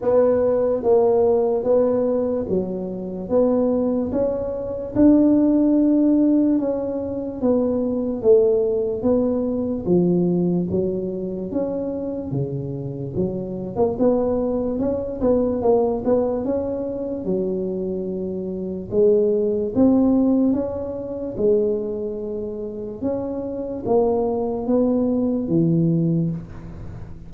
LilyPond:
\new Staff \with { instrumentName = "tuba" } { \time 4/4 \tempo 4 = 73 b4 ais4 b4 fis4 | b4 cis'4 d'2 | cis'4 b4 a4 b4 | f4 fis4 cis'4 cis4 |
fis8. ais16 b4 cis'8 b8 ais8 b8 | cis'4 fis2 gis4 | c'4 cis'4 gis2 | cis'4 ais4 b4 e4 | }